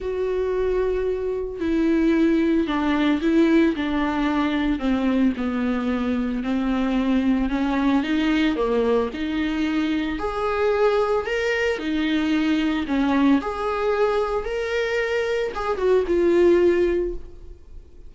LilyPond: \new Staff \with { instrumentName = "viola" } { \time 4/4 \tempo 4 = 112 fis'2. e'4~ | e'4 d'4 e'4 d'4~ | d'4 c'4 b2 | c'2 cis'4 dis'4 |
ais4 dis'2 gis'4~ | gis'4 ais'4 dis'2 | cis'4 gis'2 ais'4~ | ais'4 gis'8 fis'8 f'2 | }